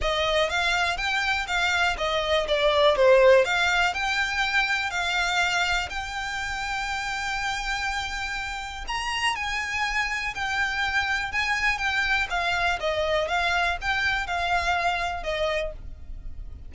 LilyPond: \new Staff \with { instrumentName = "violin" } { \time 4/4 \tempo 4 = 122 dis''4 f''4 g''4 f''4 | dis''4 d''4 c''4 f''4 | g''2 f''2 | g''1~ |
g''2 ais''4 gis''4~ | gis''4 g''2 gis''4 | g''4 f''4 dis''4 f''4 | g''4 f''2 dis''4 | }